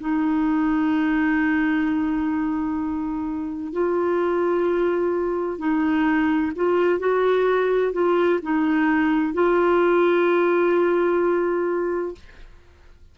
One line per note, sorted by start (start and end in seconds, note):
0.00 3.73 D#4
3.73 5.59 F4
5.59 6.52 D#4
6.56 6.99 F4
6.99 7.93 F#4
7.93 8.39 F4
8.43 9.34 D#4
9.34 12.15 F4